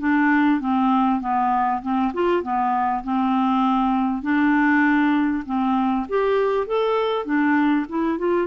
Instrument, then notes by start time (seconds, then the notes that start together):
clarinet
0.00 D4
0.61 C4
1.21 B3
1.82 C4
2.14 F4
2.43 B3
3.04 C4
4.23 D4
5.46 C4
6.09 G4
6.67 A4
7.25 D4
7.89 E4
8.18 F4